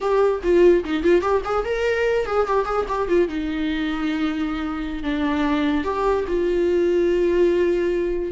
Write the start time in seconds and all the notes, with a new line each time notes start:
0.01 G4
0.43 F4
0.84 D#4
1.03 F4
1.21 G4
1.44 G#4
1.64 A#4
2.26 G#4
2.47 G4
2.65 G#4
2.88 G4
3.08 F4
3.28 D#4
5.03 D4
5.84 G4
6.27 F4